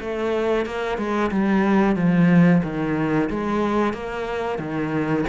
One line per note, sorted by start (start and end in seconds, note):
0.00 0.65 A3
0.65 0.97 A#3
0.97 1.30 G#3
1.30 1.95 G3
1.95 2.61 F3
2.63 3.29 D#3
3.29 3.93 G#3
3.93 4.58 A#3
4.58 5.24 D#3